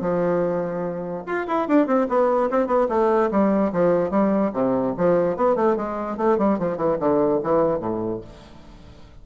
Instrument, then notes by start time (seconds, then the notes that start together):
bassoon
0.00 F3
1.26 F4
1.47 E4
1.68 D4
1.86 C4
2.08 B3
2.50 C4
2.66 B3
2.89 A3
3.31 G3
3.72 F3
4.10 G3
4.53 C3
4.97 F3
5.36 B3
5.55 A3
5.76 G#3
6.17 A3
6.38 G3
6.59 F3
6.77 E3
6.99 D3
7.43 E3
7.79 A2